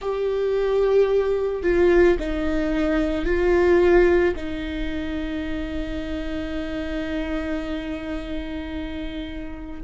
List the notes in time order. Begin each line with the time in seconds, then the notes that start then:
0.00 G4
1.63 F4
2.19 D#4
3.25 F4
4.35 D#4